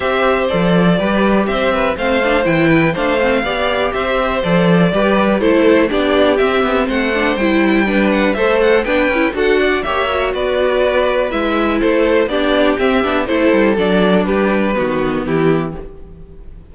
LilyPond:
<<
  \new Staff \with { instrumentName = "violin" } { \time 4/4 \tempo 4 = 122 e''4 d''2 e''4 | f''4 g''4 f''2 | e''4 d''2 c''4 | d''4 e''4 fis''4 g''4~ |
g''8 fis''8 e''8 fis''8 g''4 fis''4 | e''4 d''2 e''4 | c''4 d''4 e''4 c''4 | d''4 b'2 g'4 | }
  \new Staff \with { instrumentName = "violin" } { \time 4/4 c''2 b'4 c''8 b'8 | c''4. b'8 c''4 d''4 | c''2 b'4 a'4 | g'2 c''2 |
b'4 c''4 b'4 a'8 d''8 | cis''4 b'2. | a'4 g'2 a'4~ | a'4 g'4 fis'4 e'4 | }
  \new Staff \with { instrumentName = "viola" } { \time 4/4 g'4 a'4 g'2 | c'8 d'8 e'4 d'8 c'8 g'4~ | g'4 a'4 g'4 e'4 | d'4 c'4. d'8 e'4 |
d'4 a'4 d'8 e'8 fis'4 | g'8 fis'2~ fis'8 e'4~ | e'4 d'4 c'8 d'8 e'4 | d'2 b2 | }
  \new Staff \with { instrumentName = "cello" } { \time 4/4 c'4 f4 g4 c'4 | a4 e4 a4 b4 | c'4 f4 g4 a4 | b4 c'8 b8 a4 g4~ |
g4 a4 b8 cis'8 d'4 | ais4 b2 gis4 | a4 b4 c'8 b8 a8 g8 | fis4 g4 dis4 e4 | }
>>